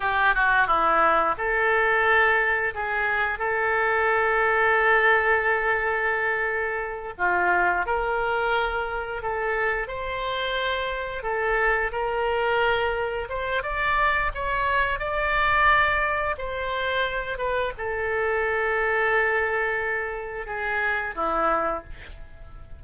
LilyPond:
\new Staff \with { instrumentName = "oboe" } { \time 4/4 \tempo 4 = 88 g'8 fis'8 e'4 a'2 | gis'4 a'2.~ | a'2~ a'8 f'4 ais'8~ | ais'4. a'4 c''4.~ |
c''8 a'4 ais'2 c''8 | d''4 cis''4 d''2 | c''4. b'8 a'2~ | a'2 gis'4 e'4 | }